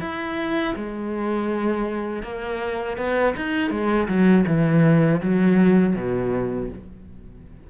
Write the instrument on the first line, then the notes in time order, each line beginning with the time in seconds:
cello
0.00 E4
0.75 G#3
2.23 A#3
2.97 B3
3.36 D#4
3.70 G#3
4.07 F#3
4.46 E3
5.21 F#3
5.95 B2